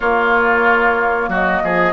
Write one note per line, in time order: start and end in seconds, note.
0.00 1.28 A#3
0.00 1.93 A#3
0.00 1.29 F4
0.00 1.30 C#5
1.28 1.61 F#3
1.28 1.62 F#4
1.28 1.93 D#5
1.63 1.93 F3
1.63 1.93 G#4